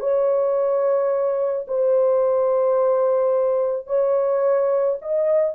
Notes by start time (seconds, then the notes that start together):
0.00 C#5
1.68 C5
3.87 C#5
5.02 D#5